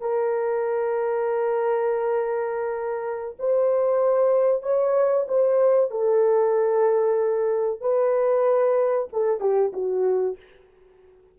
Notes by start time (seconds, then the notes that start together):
0.00 A#4
3.39 C5
4.62 C#5
5.28 C5
5.90 A4
7.80 B4
9.12 A4
9.40 G4
9.73 F#4